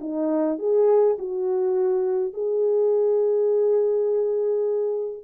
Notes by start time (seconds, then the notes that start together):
0.00 D#4
0.58 G#4
1.18 F#4
2.33 G#4